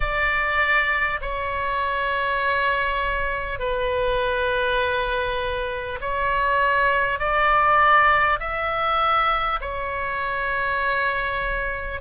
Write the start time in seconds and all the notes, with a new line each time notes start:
0.00 D5
1.21 C#5
3.59 B4
6.00 C#5
7.19 D5
8.39 E5
9.61 C#5